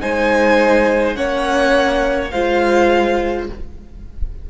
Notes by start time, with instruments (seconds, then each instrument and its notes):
0.00 cello G#3, viola D#4, violin C5 G#5
1.15 cello A#3, viola C#4, violin C#5 F#5
2.30 cello G#3, viola F4, violin C5 F5